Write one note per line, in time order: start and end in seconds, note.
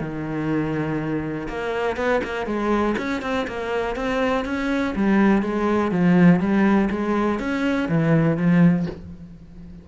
0.00 1.48 D#3
1.48 1.96 A#3
1.96 2.21 B3
2.24 2.46 A#3
2.46 2.95 G#3
2.97 3.21 C#4
3.21 3.46 C4
3.47 3.95 A#3
3.95 4.45 C4
4.45 4.94 C#4
4.95 5.42 G3
5.42 5.91 G#3
5.91 6.40 F3
6.40 6.89 G3
6.90 7.39 G#3
7.39 7.88 C#4
7.88 8.37 E3
8.37 8.86 F3